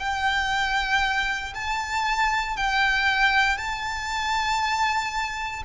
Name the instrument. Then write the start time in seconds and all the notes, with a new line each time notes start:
violin
0.00 G5
1.55 A5
2.57 G5
3.58 A5